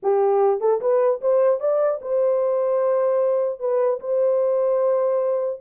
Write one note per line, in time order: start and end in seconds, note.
0.02 0.60 G4
0.60 0.80 A4
0.80 1.20 B4
1.21 1.60 C5
1.60 2.00 D5
2.01 3.59 C5
3.59 3.99 B4
4.00 5.60 C5